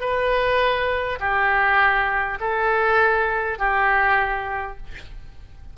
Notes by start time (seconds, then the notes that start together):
0.00 B4
1.19 G4
2.40 A4
3.58 G4